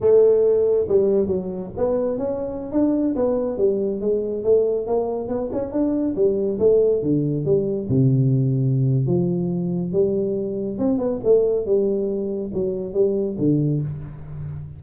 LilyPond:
\new Staff \with { instrumentName = "tuba" } { \time 4/4 \tempo 4 = 139 a2 g4 fis4 | b4 cis'4~ cis'16 d'4 b8.~ | b16 g4 gis4 a4 ais8.~ | ais16 b8 cis'8 d'4 g4 a8.~ |
a16 d4 g4 c4.~ c16~ | c4 f2 g4~ | g4 c'8 b8 a4 g4~ | g4 fis4 g4 d4 | }